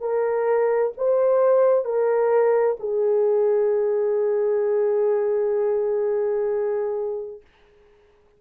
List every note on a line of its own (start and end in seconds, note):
0.00 0.92 A#4
0.97 1.85 C5
1.85 2.77 A#4
2.79 7.41 G#4